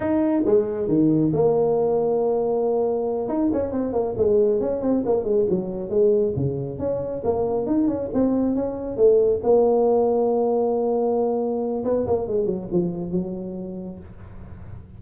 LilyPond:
\new Staff \with { instrumentName = "tuba" } { \time 4/4 \tempo 4 = 137 dis'4 gis4 dis4 ais4~ | ais2.~ ais8 dis'8 | cis'8 c'8 ais8 gis4 cis'8 c'8 ais8 | gis8 fis4 gis4 cis4 cis'8~ |
cis'8 ais4 dis'8 cis'8 c'4 cis'8~ | cis'8 a4 ais2~ ais8~ | ais2. b8 ais8 | gis8 fis8 f4 fis2 | }